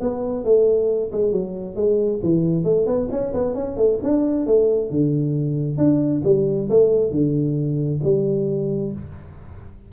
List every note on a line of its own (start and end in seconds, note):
0.00 0.44 B3
0.44 1.11 A3
1.12 1.32 G#3
1.32 1.75 F#3
1.75 2.20 G#3
2.23 2.64 E3
2.64 2.86 A3
2.86 3.08 B3
3.11 3.33 C#4
3.33 3.54 B3
3.54 3.76 C#4
3.76 3.99 A3
4.02 4.46 D4
4.46 4.90 A3
4.90 5.77 D3
5.77 6.22 D4
6.24 6.68 G3
6.69 7.11 A3
7.11 8.00 D3
8.03 8.92 G3